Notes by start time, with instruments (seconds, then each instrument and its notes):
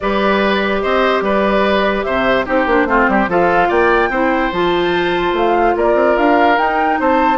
0.00 bassoon G3, clarinet G4, oboe B4, flute D5
0.81 bassoon C4, oboe C5, flute D#5
1.21 bassoon G3, oboe B4, flute D5
2.03 bassoon C3, oboe C5, flute E5
2.45 bassoon C4, clarinet D#4, oboe G4, flute C5
2.66 bassoon A#3, clarinet D4
2.85 bassoon A3, clarinet C4, oboe F4
3.08 bassoon G3, oboe G4
3.27 bassoon F3, clarinet F4, oboe A4, flute F5
3.68 bassoon A#3, oboe D5, flute G5
4.09 bassoon C4, clarinet E4, oboe C5
4.52 bassoon F3, clarinet F4, flute A5
5.32 bassoon A3, flute F5
5.76 bassoon A#3, oboe A#4, flute D5
5.94 bassoon C4
6.17 bassoon D4, flute F5
6.57 bassoon D#4, clarinet D#4, flute G5
6.99 bassoon C4, oboe C5, flute A5